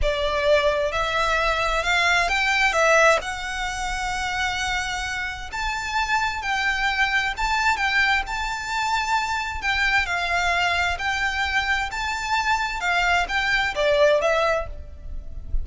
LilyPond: \new Staff \with { instrumentName = "violin" } { \time 4/4 \tempo 4 = 131 d''2 e''2 | f''4 g''4 e''4 fis''4~ | fis''1 | a''2 g''2 |
a''4 g''4 a''2~ | a''4 g''4 f''2 | g''2 a''2 | f''4 g''4 d''4 e''4 | }